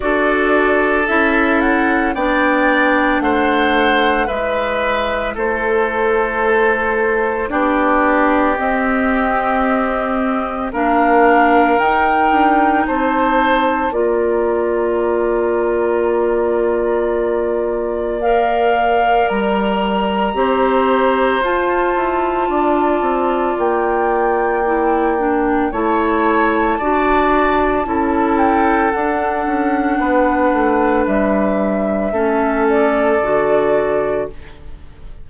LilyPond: <<
  \new Staff \with { instrumentName = "flute" } { \time 4/4 \tempo 4 = 56 d''4 e''8 fis''8 g''4 fis''4 | e''4 c''2 d''4 | dis''2 f''4 g''4 | a''4 ais''2.~ |
ais''4 f''4 ais''2 | a''2 g''2 | a''2~ a''8 g''8 fis''4~ | fis''4 e''4. d''4. | }
  \new Staff \with { instrumentName = "oboe" } { \time 4/4 a'2 d''4 c''4 | b'4 a'2 g'4~ | g'2 ais'2 | c''4 d''2.~ |
d''2. c''4~ | c''4 d''2. | cis''4 d''4 a'2 | b'2 a'2 | }
  \new Staff \with { instrumentName = "clarinet" } { \time 4/4 fis'4 e'4 d'2 | e'2. d'4 | c'2 d'4 dis'4~ | dis'4 f'2.~ |
f'4 ais'2 g'4 | f'2. e'8 d'8 | e'4 fis'4 e'4 d'4~ | d'2 cis'4 fis'4 | }
  \new Staff \with { instrumentName = "bassoon" } { \time 4/4 d'4 cis'4 b4 a4 | gis4 a2 b4 | c'2 ais4 dis'8 d'8 | c'4 ais2.~ |
ais2 g4 c'4 | f'8 e'8 d'8 c'8 ais2 | a4 d'4 cis'4 d'8 cis'8 | b8 a8 g4 a4 d4 | }
>>